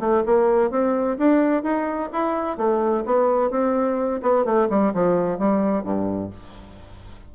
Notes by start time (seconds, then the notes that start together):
0.00 A3
0.26 A#3
0.71 C4
1.18 D4
1.63 D#4
2.13 E4
2.57 A3
3.05 B3
3.51 C4
4.22 B3
4.45 A3
4.70 G3
4.94 F3
5.39 G3
5.84 G2